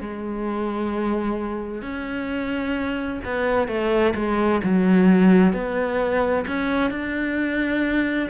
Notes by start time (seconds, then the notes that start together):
0.00 G#3
1.81 C#4
3.24 B3
3.67 A3
4.15 G#3
4.63 F#3
5.53 B3
6.47 C#4
6.90 D4